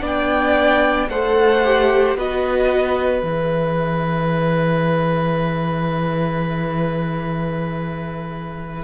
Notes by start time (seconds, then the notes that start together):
0.00 B3 D4 D5 G5
1.08 A3 A4 C5 F#5
1.64 G4
2.15 B3 F#4 B4 D#5
3.22 E3 G#4 E5